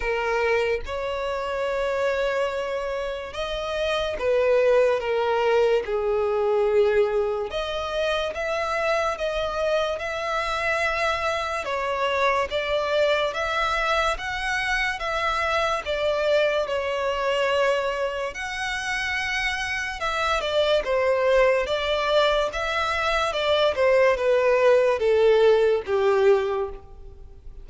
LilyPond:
\new Staff \with { instrumentName = "violin" } { \time 4/4 \tempo 4 = 72 ais'4 cis''2. | dis''4 b'4 ais'4 gis'4~ | gis'4 dis''4 e''4 dis''4 | e''2 cis''4 d''4 |
e''4 fis''4 e''4 d''4 | cis''2 fis''2 | e''8 d''8 c''4 d''4 e''4 | d''8 c''8 b'4 a'4 g'4 | }